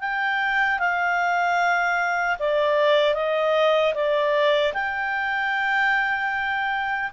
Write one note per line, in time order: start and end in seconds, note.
0.00 0.79 G5
0.79 2.37 F5
2.39 3.14 D5
3.14 3.93 D#5
3.94 4.73 D5
4.73 7.10 G5